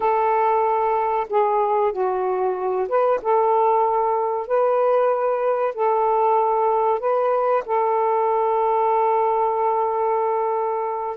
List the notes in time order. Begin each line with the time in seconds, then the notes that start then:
0.00 A4
1.29 G#4
1.92 F#4
2.88 B4
3.22 A4
4.47 B4
5.74 A4
6.99 B4
7.65 A4